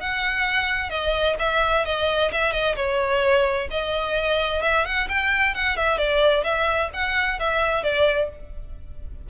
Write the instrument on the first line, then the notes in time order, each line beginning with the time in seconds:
violin
0.00 F#5
0.90 D#5
1.39 E5
1.85 D#5
2.32 E5
2.52 D#5
2.76 C#5
3.70 D#5
4.62 E5
4.85 F#5
5.09 G5
5.55 F#5
5.77 E5
5.98 D5
6.44 E5
6.93 F#5
7.40 E5
7.83 D5